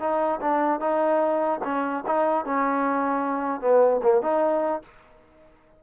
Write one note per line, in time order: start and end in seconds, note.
0.00 0.40 D#4
0.41 0.80 D4
0.80 1.60 D#4
1.64 2.04 C#4
2.06 2.45 D#4
2.45 3.61 C#4
3.61 4.01 B3
4.03 4.22 A#3
4.22 4.82 D#4